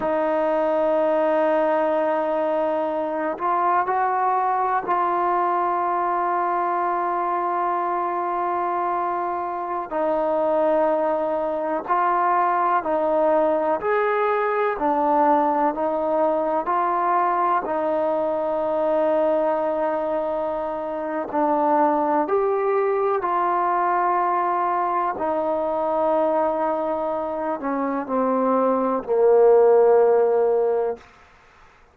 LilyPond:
\new Staff \with { instrumentName = "trombone" } { \time 4/4 \tempo 4 = 62 dis'2.~ dis'8 f'8 | fis'4 f'2.~ | f'2~ f'16 dis'4.~ dis'16~ | dis'16 f'4 dis'4 gis'4 d'8.~ |
d'16 dis'4 f'4 dis'4.~ dis'16~ | dis'2 d'4 g'4 | f'2 dis'2~ | dis'8 cis'8 c'4 ais2 | }